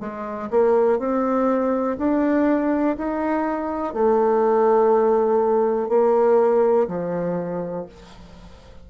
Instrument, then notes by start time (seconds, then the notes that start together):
bassoon
0.00 G#3
0.51 A#3
0.99 C4
1.99 D4
2.98 D#4
3.94 A3
5.89 A#3
6.88 F3